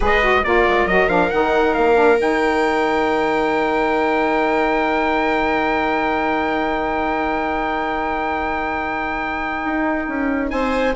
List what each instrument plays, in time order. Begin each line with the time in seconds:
0.00 bassoon G#3, saxophone G#4, viola B4, trumpet D#5
0.21 saxophone F#4
0.44 bassoon A#3, saxophone F4, viola A#4, trumpet D5
0.68 bassoon G#3
0.85 bassoon F#3, saxophone F#4, trumpet D#5
1.07 bassoon F3, saxophone D4, trumpet F5
1.30 bassoon D#3, saxophone D#4, trumpet F#5
1.74 bassoon A#3, trumpet F5
1.94 saxophone D4
2.17 bassoon D#3, saxophone D#4, trumpet G5
9.64 bassoon D#4
10.07 bassoon C#4
10.49 bassoon C4, viola C5, trumpet G#5